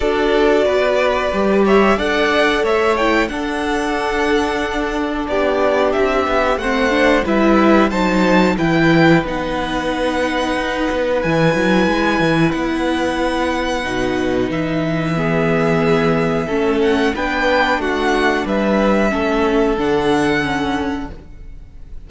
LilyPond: <<
  \new Staff \with { instrumentName = "violin" } { \time 4/4 \tempo 4 = 91 d''2~ d''8 e''8 fis''4 | e''8 g''8 fis''2. | d''4 e''4 fis''4 e''4 | a''4 g''4 fis''2~ |
fis''4 gis''2 fis''4~ | fis''2 e''2~ | e''4. fis''8 g''4 fis''4 | e''2 fis''2 | }
  \new Staff \with { instrumentName = "violin" } { \time 4/4 a'4 b'4. cis''8 d''4 | cis''4 a'2. | g'2 c''4 b'4 | c''4 b'2.~ |
b'1~ | b'2. gis'4~ | gis'4 a'4 b'4 fis'4 | b'4 a'2. | }
  \new Staff \with { instrumentName = "viola" } { \time 4/4 fis'2 g'4 a'4~ | a'8 e'8 d'2.~ | d'2 c'8 d'8 e'4 | dis'4 e'4 dis'2~ |
dis'4 e'2.~ | e'4 dis'2 b4~ | b4 cis'4 d'2~ | d'4 cis'4 d'4 cis'4 | }
  \new Staff \with { instrumentName = "cello" } { \time 4/4 d'4 b4 g4 d'4 | a4 d'2. | b4 c'8 b8 a4 g4 | fis4 e4 b2 |
dis'8 b8 e8 fis8 gis8 e8 b4~ | b4 b,4 e2~ | e4 a4 b4 a4 | g4 a4 d2 | }
>>